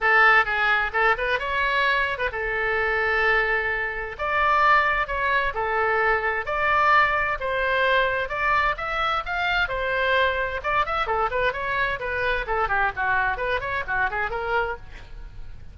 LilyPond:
\new Staff \with { instrumentName = "oboe" } { \time 4/4 \tempo 4 = 130 a'4 gis'4 a'8 b'8 cis''4~ | cis''8. b'16 a'2.~ | a'4 d''2 cis''4 | a'2 d''2 |
c''2 d''4 e''4 | f''4 c''2 d''8 e''8 | a'8 b'8 cis''4 b'4 a'8 g'8 | fis'4 b'8 cis''8 fis'8 gis'8 ais'4 | }